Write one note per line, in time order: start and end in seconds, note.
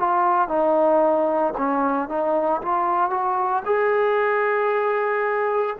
0.00 0.48 F4
0.48 1.54 D#4
1.58 2.09 C#4
2.09 2.62 D#4
2.62 3.11 F4
3.11 3.64 F#4
3.66 5.77 G#4